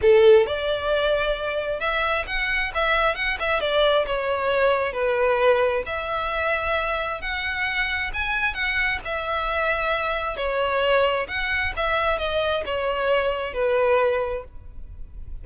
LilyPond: \new Staff \with { instrumentName = "violin" } { \time 4/4 \tempo 4 = 133 a'4 d''2. | e''4 fis''4 e''4 fis''8 e''8 | d''4 cis''2 b'4~ | b'4 e''2. |
fis''2 gis''4 fis''4 | e''2. cis''4~ | cis''4 fis''4 e''4 dis''4 | cis''2 b'2 | }